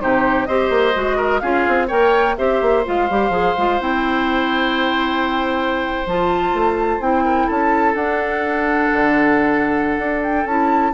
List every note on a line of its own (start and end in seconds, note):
0.00 0.48 C3
0.00 0.48 D#4
0.00 0.48 G4
0.00 0.46 C5
0.46 0.70 C4
0.46 0.94 G4
0.46 1.17 C5
0.46 1.39 D#5
0.70 0.94 A#3
0.94 1.42 G#3
0.94 1.41 F#4
1.17 1.41 A#4
1.39 1.66 C#4
1.39 1.89 F4
1.39 1.87 G#4
1.39 1.87 F5
1.68 1.91 C4
1.87 2.38 A#3
1.87 2.37 A#4
1.87 2.35 C#5
1.87 2.37 G5
2.37 2.62 C4
2.37 2.85 G4
2.37 7.25 C5
2.37 2.85 E5
2.62 2.85 A#3
2.85 3.10 G#3
2.85 3.09 F4
2.85 3.81 F5
3.10 3.29 G3
3.10 3.32 G4
3.29 3.53 F3
3.29 3.55 G#4
3.58 3.80 G#3
3.58 3.80 F4
3.80 6.06 C4
3.80 6.06 E4
3.80 6.08 G5
6.06 6.53 F3
6.06 7.01 F4
6.06 7.01 A5
6.53 7.00 A3
7.00 7.48 C4
7.00 7.96 E4
7.00 7.49 G5
7.25 7.46 A#4
7.46 7.95 C#4
7.46 10.92 A4
7.46 7.95 A5
7.95 8.90 D4
7.95 10.46 D4
7.95 10.21 F#5
8.93 9.98 D3
9.98 10.45 D4
10.23 10.47 G5
10.45 10.93 C#4
10.45 10.94 E4
10.45 10.94 A5